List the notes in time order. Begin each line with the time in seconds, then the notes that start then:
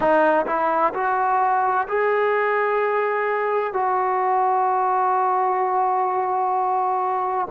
0.00 D#4
0.46 E4
0.93 F#4
1.87 G#4
3.73 F#4